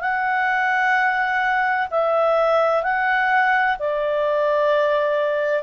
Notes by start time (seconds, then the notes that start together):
0.00 F#5
1.90 E5
2.83 F#5
3.79 D5